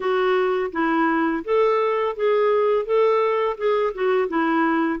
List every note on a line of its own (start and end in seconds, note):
0.00 0.71 F#4
0.71 1.43 E4
1.44 2.16 A4
2.16 2.85 G#4
2.85 3.56 A4
3.57 3.93 G#4
3.94 4.28 F#4
4.28 4.99 E4